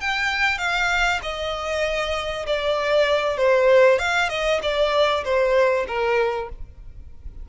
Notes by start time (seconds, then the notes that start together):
0.00 G5
0.58 F5
1.22 D#5
2.46 D5
3.37 C5
3.99 F5
4.29 D#5
4.62 D5
5.24 C5
5.87 A#4